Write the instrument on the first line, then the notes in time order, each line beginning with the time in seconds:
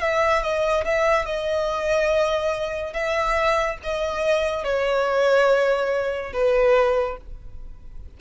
violin
0.00 E5
0.42 D#5
0.85 E5
1.25 D#5
2.93 E5
3.83 D#5
4.64 C#5
6.33 B4